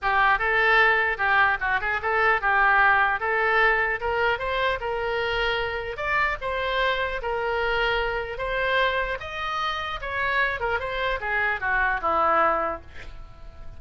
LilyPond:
\new Staff \with { instrumentName = "oboe" } { \time 4/4 \tempo 4 = 150 g'4 a'2 g'4 | fis'8 gis'8 a'4 g'2 | a'2 ais'4 c''4 | ais'2. d''4 |
c''2 ais'2~ | ais'4 c''2 dis''4~ | dis''4 cis''4. ais'8 c''4 | gis'4 fis'4 e'2 | }